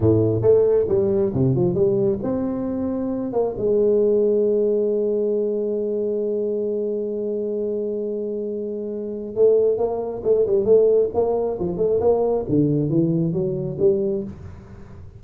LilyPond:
\new Staff \with { instrumentName = "tuba" } { \time 4/4 \tempo 4 = 135 a,4 a4 g4 c8 f8 | g4 c'2~ c'8 ais8 | gis1~ | gis1~ |
gis1~ | gis4 a4 ais4 a8 g8 | a4 ais4 f8 a8 ais4 | d4 e4 fis4 g4 | }